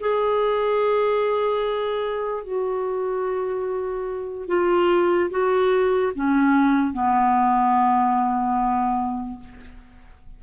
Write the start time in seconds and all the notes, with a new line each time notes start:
0.00 G#4
2.44 F#4
4.48 F4
5.31 F#4
6.15 C#4
6.93 B3